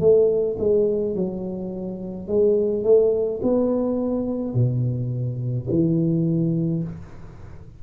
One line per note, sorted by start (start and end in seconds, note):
0.00 0.57 A3
0.59 1.15 G#3
1.15 2.27 F#3
2.27 2.84 G#3
2.84 3.40 A3
3.42 4.54 B3
4.54 5.67 B2
5.70 6.83 E3